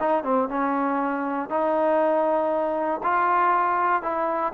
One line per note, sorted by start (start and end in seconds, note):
0.00 0.24 D#4
0.24 0.49 C4
0.49 1.49 C#4
1.49 3.01 D#4
3.03 4.02 F4
4.02 4.53 E4